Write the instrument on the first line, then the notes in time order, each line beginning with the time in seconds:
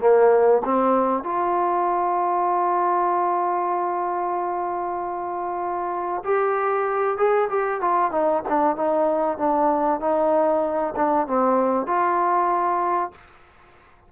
trombone
0.00 A#3
0.65 C4
1.24 F4
6.24 G4
7.18 G#4
7.50 G4
7.81 F4
8.12 D#4
8.49 D4
8.76 D#4
9.38 D4
10.01 D#4
10.96 D4
11.27 C4
11.87 F4